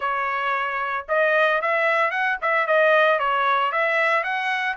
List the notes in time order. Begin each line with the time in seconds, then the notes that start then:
0.00 C#5
1.08 D#5
1.61 E5
2.10 F#5
2.41 E5
2.66 D#5
3.19 C#5
3.71 E5
4.23 F#5